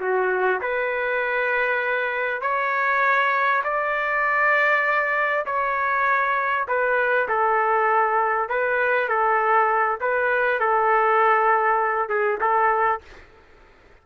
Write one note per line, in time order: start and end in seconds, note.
0.00 0.61 F#4
0.61 2.42 B4
2.42 3.63 C#5
3.64 5.45 D5
5.46 6.67 C#5
6.68 7.28 B4
7.29 8.49 A4
8.49 9.09 B4
9.09 9.99 A4
10.01 10.60 B4
10.60 12.09 A4
12.09 12.39 G#4
12.40 13.01 A4